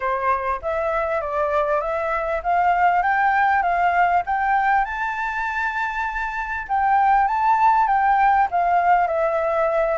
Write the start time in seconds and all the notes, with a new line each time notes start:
0.00 C5
0.61 E5
1.21 D5
1.80 E5
2.43 F5
3.02 G5
3.62 F5
4.26 G5
4.85 A5
6.68 G5
7.27 A5
7.87 G5
8.50 F5
9.07 E5